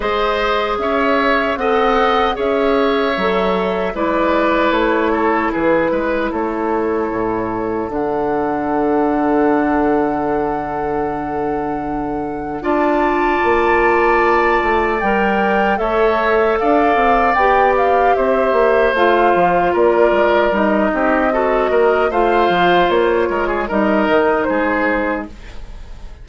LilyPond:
<<
  \new Staff \with { instrumentName = "flute" } { \time 4/4 \tempo 4 = 76 dis''4 e''4 fis''4 e''4~ | e''4 d''4 cis''4 b'4 | cis''2 fis''2~ | fis''1 |
a''2. g''4 | e''4 f''4 g''8 f''8 e''4 | f''4 d''4 dis''2 | f''4 cis''4 dis''4 c''4 | }
  \new Staff \with { instrumentName = "oboe" } { \time 4/4 c''4 cis''4 dis''4 cis''4~ | cis''4 b'4. a'8 gis'8 b'8 | a'1~ | a'1 |
d''1 | cis''4 d''2 c''4~ | c''4 ais'4. g'8 a'8 ais'8 | c''4. ais'16 gis'16 ais'4 gis'4 | }
  \new Staff \with { instrumentName = "clarinet" } { \time 4/4 gis'2 a'4 gis'4 | a'4 e'2.~ | e'2 d'2~ | d'1 |
f'2. ais'4 | a'2 g'2 | f'2 dis'4 fis'4 | f'2 dis'2 | }
  \new Staff \with { instrumentName = "bassoon" } { \time 4/4 gis4 cis'4 c'4 cis'4 | fis4 gis4 a4 e8 gis8 | a4 a,4 d2~ | d1 |
d'4 ais4. a8 g4 | a4 d'8 c'8 b4 c'8 ais8 | a8 f8 ais8 gis8 g8 c'4 ais8 | a8 f8 ais8 gis8 g8 dis8 gis4 | }
>>